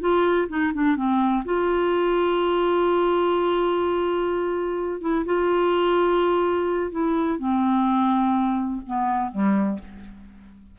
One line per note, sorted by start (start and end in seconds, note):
0.00 0.48 F4
0.48 0.72 D#4
0.74 0.96 D4
0.96 1.44 C4
1.45 5.01 F4
5.01 5.25 E4
5.25 6.91 F4
6.91 7.39 E4
7.39 8.81 C4
8.86 9.31 B3
9.31 9.79 G3